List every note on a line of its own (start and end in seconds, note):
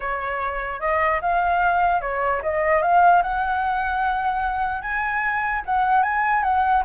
0.00 0.80 C#5
0.80 1.20 D#5
1.21 2.01 F5
2.01 2.41 C#5
2.42 2.82 D#5
2.82 3.22 F5
3.22 4.81 F#5
4.81 5.62 G#5
5.65 6.02 F#5
6.02 6.43 G#5
6.43 6.83 F#5